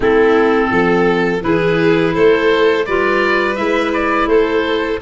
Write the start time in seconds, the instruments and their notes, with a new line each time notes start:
0.00 tuba A3, clarinet C4, violin E4, oboe A4
0.70 tuba F3, violin A4
1.40 tuba E3, clarinet E4, violin G#4, oboe B4
2.14 tuba A3, violin A4, oboe C5
2.85 tuba G3, clarinet F4, violin B4, oboe D5
3.55 tuba G#3, clarinet E4, oboe E5
3.93 oboe D5
4.26 tuba A3, violin A4, oboe C5